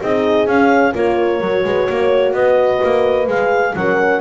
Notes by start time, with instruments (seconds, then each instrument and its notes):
0.00 double bass C4, horn D#4 G#4, clarinet D#5
0.47 double bass C#4, horn C#4, clarinet F5
0.95 double bass A#3, horn F4 A#4, clarinet C#5
1.41 double bass F#3, horn F#4
1.65 double bass G#3, horn B4
1.90 double bass A#3, horn C#5
2.33 double bass B3, horn B4, clarinet D#5
2.84 double bass A#3
3.28 double bass G#3, horn G#4, clarinet F5
3.75 double bass F#3, horn C#4 A#4, clarinet F#5